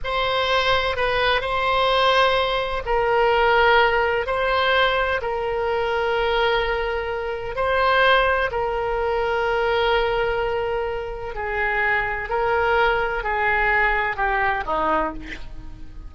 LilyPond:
\new Staff \with { instrumentName = "oboe" } { \time 4/4 \tempo 4 = 127 c''2 b'4 c''4~ | c''2 ais'2~ | ais'4 c''2 ais'4~ | ais'1 |
c''2 ais'2~ | ais'1 | gis'2 ais'2 | gis'2 g'4 dis'4 | }